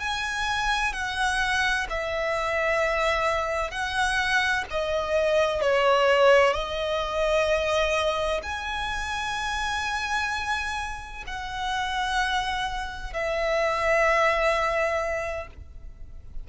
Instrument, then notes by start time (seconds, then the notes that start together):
violin
0.00 G#5
0.93 F#5
1.90 E5
3.71 F#5
4.71 D#5
5.62 C#5
6.54 D#5
8.43 G#5
11.27 F#5
13.13 E5